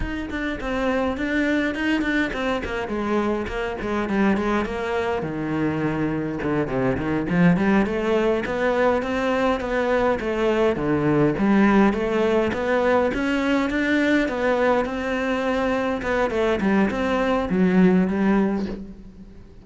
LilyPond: \new Staff \with { instrumentName = "cello" } { \time 4/4 \tempo 4 = 103 dis'8 d'8 c'4 d'4 dis'8 d'8 | c'8 ais8 gis4 ais8 gis8 g8 gis8 | ais4 dis2 d8 c8 | dis8 f8 g8 a4 b4 c'8~ |
c'8 b4 a4 d4 g8~ | g8 a4 b4 cis'4 d'8~ | d'8 b4 c'2 b8 | a8 g8 c'4 fis4 g4 | }